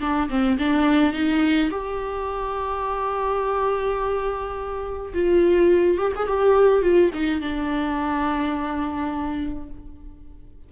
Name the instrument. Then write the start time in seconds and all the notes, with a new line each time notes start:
viola
0.00 D4
0.29 C4
0.58 D4
1.13 D#4
1.70 G4
5.14 F4
5.97 G4
6.15 G#4
6.27 G4
6.82 F4
7.13 D#4
7.41 D4